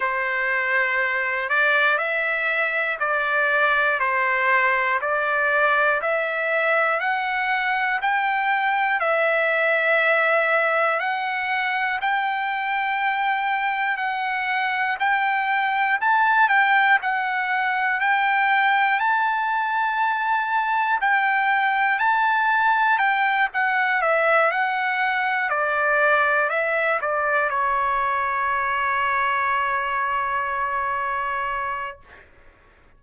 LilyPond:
\new Staff \with { instrumentName = "trumpet" } { \time 4/4 \tempo 4 = 60 c''4. d''8 e''4 d''4 | c''4 d''4 e''4 fis''4 | g''4 e''2 fis''4 | g''2 fis''4 g''4 |
a''8 g''8 fis''4 g''4 a''4~ | a''4 g''4 a''4 g''8 fis''8 | e''8 fis''4 d''4 e''8 d''8 cis''8~ | cis''1 | }